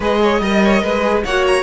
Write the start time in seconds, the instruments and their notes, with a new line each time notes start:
0.00 cello G#3, viola G#4, violin B4 D#5
0.22 violin C#5
0.41 cello G3, viola A#4, violin D#5
0.64 violin C#5
0.82 cello G#3, violin B4
1.02 viola G#4
1.24 cello A#3, viola F#4, violin C#5 F#5
1.46 violin A#5